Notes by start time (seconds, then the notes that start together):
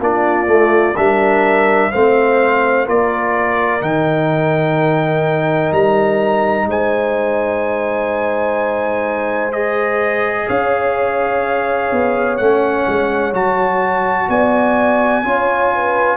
0.00 A#3 D4 F4 D5
0.47 A3
0.96 G3 D4 A#4 E5
1.90 A3 C4 C5 F5
2.85 A#3 F4 A#4 D5
3.81 D#3 D#4 G5
5.72 G3 A#5
6.66 G#3 C5 G#5
9.52 G#4 D#5
10.47 C#4 C#5 F5
11.91 B3
12.37 A3 C#4 F#5
12.87 G#3
13.32 F#3 F#4 A5
14.28 B3 D5 G#5
15.23 C#4 F4 C#5
15.75 B4